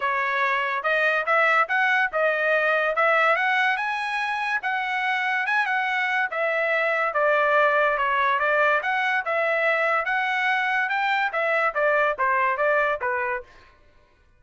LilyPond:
\new Staff \with { instrumentName = "trumpet" } { \time 4/4 \tempo 4 = 143 cis''2 dis''4 e''4 | fis''4 dis''2 e''4 | fis''4 gis''2 fis''4~ | fis''4 gis''8 fis''4. e''4~ |
e''4 d''2 cis''4 | d''4 fis''4 e''2 | fis''2 g''4 e''4 | d''4 c''4 d''4 b'4 | }